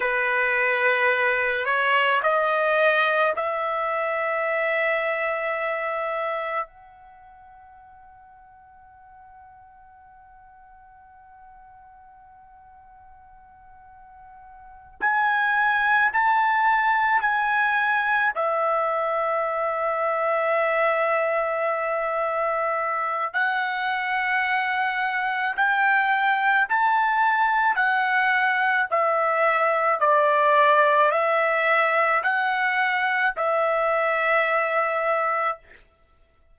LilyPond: \new Staff \with { instrumentName = "trumpet" } { \time 4/4 \tempo 4 = 54 b'4. cis''8 dis''4 e''4~ | e''2 fis''2~ | fis''1~ | fis''4. gis''4 a''4 gis''8~ |
gis''8 e''2.~ e''8~ | e''4 fis''2 g''4 | a''4 fis''4 e''4 d''4 | e''4 fis''4 e''2 | }